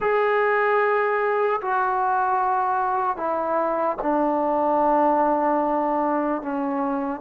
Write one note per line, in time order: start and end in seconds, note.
0.00 1.60 G#4
1.61 3.16 F#4
3.16 3.96 E4
4.01 6.41 D4
6.41 7.20 C#4